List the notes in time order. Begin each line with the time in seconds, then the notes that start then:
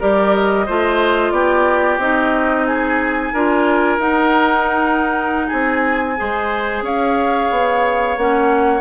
0.00 G3 G4 A#4 D5
0.34 D#5
0.66 A3 F4 C5
1.31 B3 G4 D5
1.98 C4 D#4 D#5
2.66 G#4 G#5
3.33 D4 F4 A#4
3.98 D#4 F#5
5.47 C4 G#4 G#5
6.17 G#3 G#4 C5
6.82 C#4 C#5 F5
7.51 B3
8.17 A#3 C#4 F#5